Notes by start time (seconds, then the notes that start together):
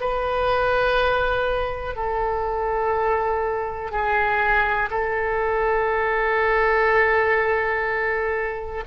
0.00 B4
1.95 A4
3.91 G#4
4.90 A4